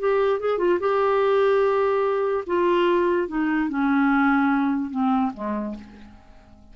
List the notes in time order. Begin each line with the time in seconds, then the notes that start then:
0.00 G4
0.40 G#4
0.59 F4
0.81 G4
2.47 F4
3.28 D#4
3.69 C#4
4.91 C4
5.34 G#3